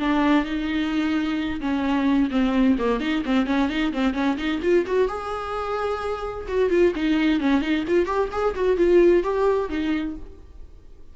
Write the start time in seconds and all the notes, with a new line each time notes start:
0.00 D4
0.45 D#4
1.61 C#4
2.31 C4
2.79 A#3
3.01 D#4
3.26 C4
3.47 C#4
3.70 D#4
3.94 C4
4.14 C#4
4.38 D#4
4.63 F4
4.87 F#4
5.09 G#4
6.48 F#4
6.71 F4
6.96 D#4
7.41 C#4
7.62 D#4
7.88 F4
8.06 G4
8.32 G#4
8.55 F#4
8.78 F4
9.24 G4
9.70 D#4